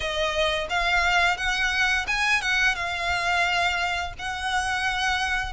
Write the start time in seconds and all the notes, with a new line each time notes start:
0.00 D#5
0.69 F5
1.37 F#5
2.07 G#5
2.41 F#5
2.75 F5
4.18 F#5